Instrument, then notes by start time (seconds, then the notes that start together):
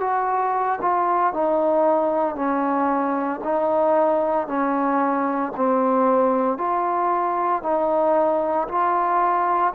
trombone
0.00 F#4
0.81 F4
1.33 D#4
2.35 C#4
3.44 D#4
4.47 C#4
5.56 C4
6.57 F4
7.62 D#4
8.68 F4